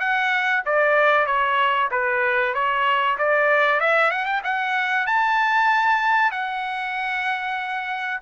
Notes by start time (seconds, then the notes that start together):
0.00 F#5
0.65 D5
1.26 C#5
1.91 B4
2.54 C#5
3.19 D5
3.80 E5
4.11 F#5
4.26 G5
4.44 F#5
5.07 A5
6.31 F#5